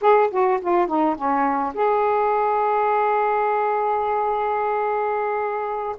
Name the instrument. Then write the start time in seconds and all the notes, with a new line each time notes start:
saxophone
0.01 G#4
0.30 F#4
0.61 F4
0.87 D#4
1.15 C#4
1.73 G#4